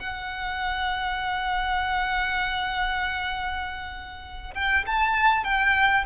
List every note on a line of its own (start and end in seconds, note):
0.00 4.55 F#5
4.55 4.85 G5
4.87 5.45 A5
5.45 6.05 G5